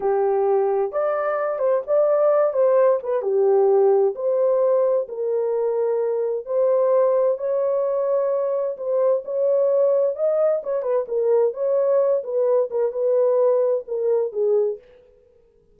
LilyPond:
\new Staff \with { instrumentName = "horn" } { \time 4/4 \tempo 4 = 130 g'2 d''4. c''8 | d''4. c''4 b'8 g'4~ | g'4 c''2 ais'4~ | ais'2 c''2 |
cis''2. c''4 | cis''2 dis''4 cis''8 b'8 | ais'4 cis''4. b'4 ais'8 | b'2 ais'4 gis'4 | }